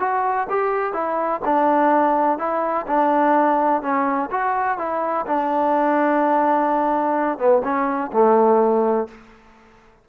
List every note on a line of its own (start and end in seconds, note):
0.00 0.48 F#4
0.50 0.94 G4
0.94 1.41 E4
1.45 2.39 D4
2.39 2.86 E4
2.87 3.82 D4
3.82 4.30 C#4
4.31 4.78 F#4
4.78 5.26 E4
5.27 7.39 D4
7.39 7.62 B3
7.64 8.12 C#4
8.13 9.08 A3